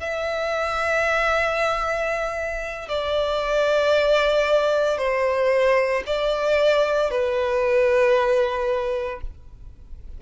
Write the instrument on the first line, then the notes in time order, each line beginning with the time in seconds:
violin
0.00 E5
2.89 D5
4.98 C5
6.06 D5
7.11 B4